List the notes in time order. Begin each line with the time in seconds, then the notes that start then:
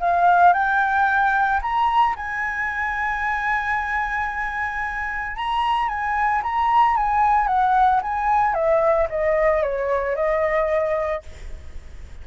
0.00 F5
0.53 G5
1.62 A#5
2.16 G#5
5.36 A#5
5.88 G#5
6.42 A#5
6.96 G#5
7.47 F#5
8.02 G#5
8.54 E5
9.09 D#5
9.62 C#5
10.15 D#5